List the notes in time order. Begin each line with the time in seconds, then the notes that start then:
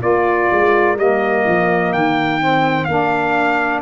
0.00 A#3 F4 A#4 D5
0.51 G#3
0.96 G3 A#3 D#5
1.46 F3
1.92 D#3 G5
2.39 C4
2.84 A#3 D4 F5